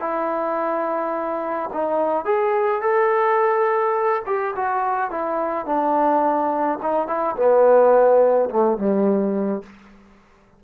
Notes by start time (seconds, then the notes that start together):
0.00 E4
1.73 D#4
2.25 G#4
2.81 A4
4.26 G4
4.56 F#4
5.11 E4
5.66 D4
6.82 D#4
7.07 E4
7.36 B3
8.50 A3
8.78 G3